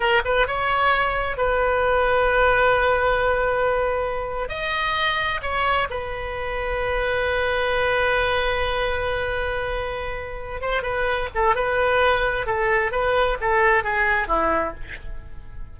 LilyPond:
\new Staff \with { instrumentName = "oboe" } { \time 4/4 \tempo 4 = 130 ais'8 b'8 cis''2 b'4~ | b'1~ | b'4.~ b'16 dis''2 cis''16~ | cis''8. b'2.~ b'16~ |
b'1~ | b'2. c''8 b'8~ | b'8 a'8 b'2 a'4 | b'4 a'4 gis'4 e'4 | }